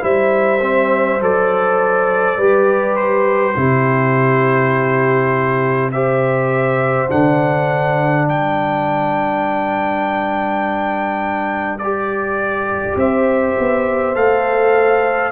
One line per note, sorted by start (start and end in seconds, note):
0.00 1.20 G3
0.00 0.59 E4
0.00 2.37 C5
0.00 1.21 E5
0.61 1.20 C4
1.20 2.37 F#3
1.20 2.38 A4
1.20 2.96 D5
2.37 3.54 G3
2.37 3.56 G4
2.37 3.55 B4
2.96 5.90 C5
3.56 7.09 C3
3.56 5.91 E4
3.56 5.93 G4
5.91 7.08 G4
5.91 8.28 C5
5.91 7.09 E5
7.08 8.28 D3
7.08 11.79 D4
7.08 8.28 F#5
8.28 12.96 G3
8.28 12.98 B4
8.28 11.78 G5
11.78 14.14 G4
11.78 12.96 D5
12.96 13.55 C4
12.96 15.31 C5
12.96 14.15 E5
13.59 14.16 B3
14.14 15.31 A3
14.14 15.31 A4
14.14 15.31 F5